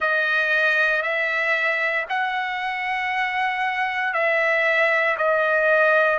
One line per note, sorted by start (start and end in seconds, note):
0.00 1.02 D#5
1.02 2.05 E5
2.09 4.13 F#5
4.13 5.17 E5
5.17 6.18 D#5